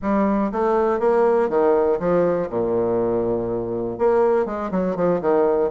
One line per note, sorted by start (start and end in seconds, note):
0.02 0.51 G3
0.52 0.99 A3
0.99 1.49 A#3
1.49 1.98 D#3
1.99 2.49 F3
2.49 3.98 A#2
3.98 4.45 A#3
4.45 4.70 G#3
4.71 4.96 F#3
4.96 5.21 F3
5.21 5.70 D#3